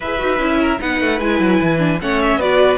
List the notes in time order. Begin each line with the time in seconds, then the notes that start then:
0.00 E4 G#4 B4 E5
0.18 D#4 F#4
0.39 C#4 E4
0.60 A#4
0.78 B3 D#4 B4 F#5
1.00 A3
1.19 G#3 E4 G#5
1.39 F#3
1.61 E3
1.78 D4
2.01 A3 C#4 C#5 F#5
2.21 E5
2.36 B3 F#4 B4 D5